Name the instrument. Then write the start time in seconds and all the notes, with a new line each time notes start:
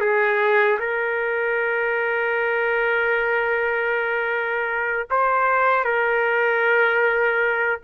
trumpet
0.00 G#4
0.79 A#4
5.10 C5
5.84 A#4